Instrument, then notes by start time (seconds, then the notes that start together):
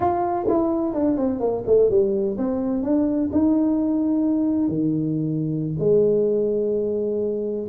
tuba
0.00 F4
0.48 E4
0.94 D4
1.17 C4
1.40 A#3
1.66 A3
1.90 G3
2.37 C4
2.82 D4
3.32 D#4
4.68 D#3
5.79 G#3